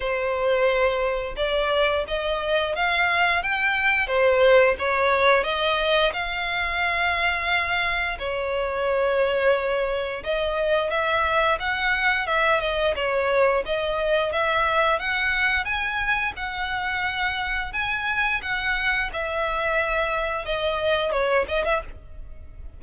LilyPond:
\new Staff \with { instrumentName = "violin" } { \time 4/4 \tempo 4 = 88 c''2 d''4 dis''4 | f''4 g''4 c''4 cis''4 | dis''4 f''2. | cis''2. dis''4 |
e''4 fis''4 e''8 dis''8 cis''4 | dis''4 e''4 fis''4 gis''4 | fis''2 gis''4 fis''4 | e''2 dis''4 cis''8 dis''16 e''16 | }